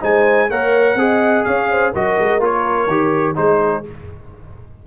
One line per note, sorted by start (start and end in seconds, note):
0.00 0.50 G#3
0.00 0.48 D#4
0.00 0.48 C5
0.00 0.50 G#5
0.48 0.95 A#3
0.48 0.97 A#4
0.48 0.96 C#5
0.48 1.44 F#5
0.95 1.43 C4
0.95 1.93 G#4
0.95 1.45 D#5
1.44 1.94 C#4
1.44 1.69 C#5
1.44 1.92 F5
1.70 1.92 C5
1.92 2.18 F#3
1.92 2.40 F#4
1.92 3.36 A#4
1.92 2.43 D#5
2.19 2.39 G#3
2.39 2.86 A#3
2.39 2.88 F4
2.39 3.36 C#5
2.86 3.34 D#3
2.86 3.35 G4
3.35 3.85 G#3
3.35 3.83 D#4
3.35 3.86 G#4
3.35 3.84 C5